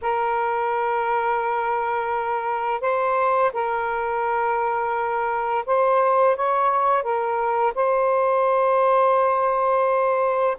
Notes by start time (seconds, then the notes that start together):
0.01 A#4
2.80 C5
3.53 A#4
5.65 C5
6.35 C#5
7.02 A#4
7.75 C5